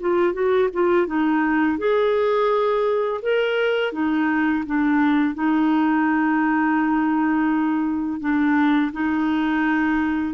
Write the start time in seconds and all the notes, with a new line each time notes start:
0.00 F4
0.33 F#4
0.73 F4
1.07 D#4
1.78 G#4
3.22 A#4
3.93 D#4
4.66 D4
5.34 D#4
8.20 D4
8.93 D#4